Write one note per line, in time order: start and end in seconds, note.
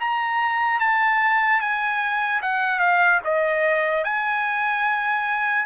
0.00 0.80 A#5
0.80 1.60 A5
1.60 2.41 G#5
2.42 2.79 F#5
2.79 3.20 F5
3.24 4.04 D#5
4.04 5.65 G#5